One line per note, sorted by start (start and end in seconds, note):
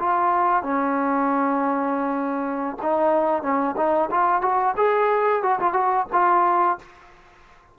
0.00 0.63 F4
0.63 2.77 C#4
2.82 3.43 D#4
3.43 3.76 C#4
3.77 4.10 D#4
4.11 4.42 F4
4.42 4.75 F#4
4.77 5.43 G#4
5.43 5.60 F#4
5.60 5.73 F4
5.73 6.06 F#4
6.13 6.79 F4